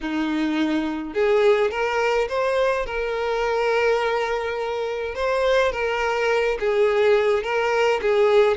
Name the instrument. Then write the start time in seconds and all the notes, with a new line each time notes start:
violin
0.01 D#4
1.13 G#4
1.70 A#4
2.28 C5
2.86 A#4
5.14 C5
5.72 A#4
6.59 G#4
7.43 A#4
8.01 G#4